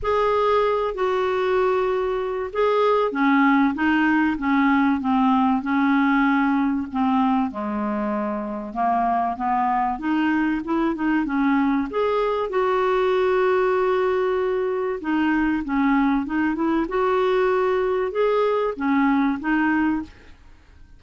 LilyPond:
\new Staff \with { instrumentName = "clarinet" } { \time 4/4 \tempo 4 = 96 gis'4. fis'2~ fis'8 | gis'4 cis'4 dis'4 cis'4 | c'4 cis'2 c'4 | gis2 ais4 b4 |
dis'4 e'8 dis'8 cis'4 gis'4 | fis'1 | dis'4 cis'4 dis'8 e'8 fis'4~ | fis'4 gis'4 cis'4 dis'4 | }